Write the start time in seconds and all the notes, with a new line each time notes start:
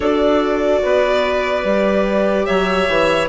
0.00 D4 F#4 A4 D5
0.82 B3 B4
1.63 G3 G4
2.45 F#3 C#5 E5
2.88 E3